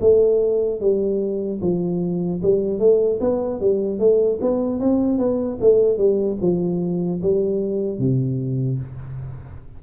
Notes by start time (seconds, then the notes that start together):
0.00 A3
0.80 G3
1.61 F3
2.42 G3
2.79 A3
3.20 B3
3.60 G3
3.99 A3
4.41 B3
4.80 C4
5.18 B3
5.60 A3
5.97 G3
6.41 F3
7.21 G3
7.99 C3